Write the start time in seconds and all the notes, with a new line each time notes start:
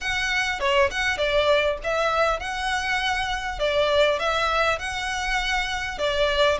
0.00 F#5
0.60 C#5
0.91 F#5
1.17 D5
1.83 E5
2.39 F#5
3.59 D5
4.19 E5
4.78 F#5
5.98 D5